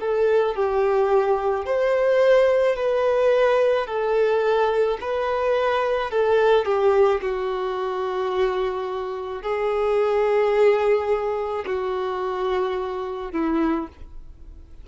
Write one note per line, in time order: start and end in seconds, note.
0.00 0.56 A4
0.56 1.66 G4
1.66 2.76 C5
2.76 3.87 B4
3.87 4.98 A4
5.01 6.11 B4
6.11 6.65 A4
6.65 7.21 G4
7.21 9.42 F#4
9.42 11.65 G#4
11.66 13.32 F#4
13.32 13.87 E4